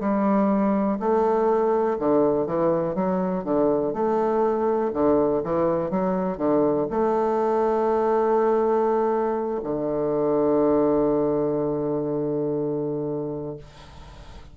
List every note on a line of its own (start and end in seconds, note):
0.00 0.98 G3
1.00 1.98 A3
1.99 2.47 D3
2.47 2.95 E3
2.95 3.44 F#3
3.44 3.93 D3
3.93 4.92 A3
4.94 5.43 D3
5.44 5.91 E3
5.91 6.38 F#3
6.38 6.87 D3
6.90 9.61 A3
9.63 13.57 D3